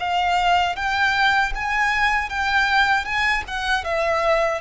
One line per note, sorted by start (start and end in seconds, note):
0.00 0.76 F5
0.76 1.53 G5
1.55 2.29 G#5
2.29 3.05 G5
3.05 3.44 G#5
3.48 3.84 F#5
3.84 4.61 E5